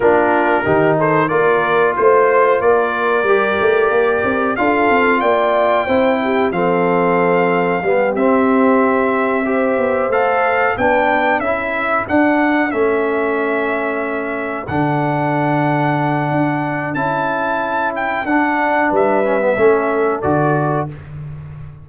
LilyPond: <<
  \new Staff \with { instrumentName = "trumpet" } { \time 4/4 \tempo 4 = 92 ais'4. c''8 d''4 c''4 | d''2. f''4 | g''2 f''2~ | f''8 e''2. f''8~ |
f''8 g''4 e''4 fis''4 e''8~ | e''2~ e''8 fis''4.~ | fis''2 a''4. g''8 | fis''4 e''2 d''4 | }
  \new Staff \with { instrumentName = "horn" } { \time 4/4 f'4 g'8 a'8 ais'4 c''4 | ais'2. a'4 | d''4 c''8 g'8 a'2 | g'2~ g'8 c''4.~ |
c''8 b'4 a'2~ a'8~ | a'1~ | a'1~ | a'4 b'4 a'2 | }
  \new Staff \with { instrumentName = "trombone" } { \time 4/4 d'4 dis'4 f'2~ | f'4 g'2 f'4~ | f'4 e'4 c'2 | b8 c'2 g'4 a'8~ |
a'8 d'4 e'4 d'4 cis'8~ | cis'2~ cis'8 d'4.~ | d'2 e'2 | d'4. cis'16 b16 cis'4 fis'4 | }
  \new Staff \with { instrumentName = "tuba" } { \time 4/4 ais4 dis4 ais4 a4 | ais4 g8 a8 ais8 c'8 d'8 c'8 | ais4 c'4 f2 | g8 c'2~ c'8 b8 a8~ |
a8 b4 cis'4 d'4 a8~ | a2~ a8 d4.~ | d4 d'4 cis'2 | d'4 g4 a4 d4 | }
>>